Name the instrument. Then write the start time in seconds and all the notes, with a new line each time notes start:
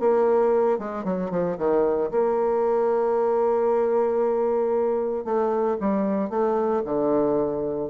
bassoon
0.00 A#3
0.79 G#3
1.05 F#3
1.31 F3
1.58 D#3
2.11 A#3
5.25 A3
5.80 G3
6.30 A3
6.85 D3